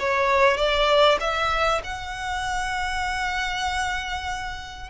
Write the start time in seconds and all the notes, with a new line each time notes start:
0.00 C#5
0.58 D5
1.21 E5
1.84 F#5